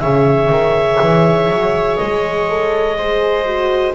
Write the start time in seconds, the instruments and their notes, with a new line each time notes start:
0.00 double bass C#3, horn G#4, viola C#5, clarinet E5
0.50 double bass D#3
1.02 double bass E3
1.49 double bass F#3
1.97 double bass G#3, clarinet D#5
2.49 horn A4
2.98 horn G#4, viola C5
3.46 horn F#4